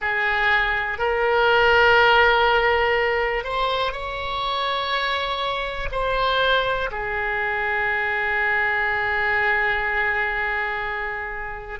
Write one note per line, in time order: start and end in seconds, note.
0.01 0.98 G#4
0.98 3.44 A#4
3.44 3.92 C5
3.92 5.88 C#5
5.92 6.90 C5
6.91 11.79 G#4